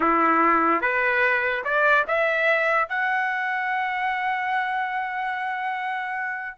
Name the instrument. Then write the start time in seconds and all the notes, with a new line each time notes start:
trumpet
0.00 E4
0.81 B4
1.64 D5
2.07 E5
2.88 F#5